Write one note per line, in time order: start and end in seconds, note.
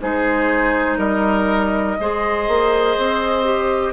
0.00 0.97 G#3
0.00 1.97 D#4
0.00 0.98 G#4
0.00 0.97 C5
0.97 1.96 G3
0.97 1.96 A#4
0.97 3.92 D#5
1.99 2.47 G#3
1.99 3.44 G#4
1.99 3.93 C5
2.47 2.97 A#3
2.97 3.93 C4
3.44 3.93 G4